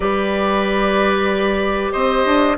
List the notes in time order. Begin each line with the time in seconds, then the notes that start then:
0.00 G3 G4 B4 D5
1.92 C4 C5 D#5
2.25 D4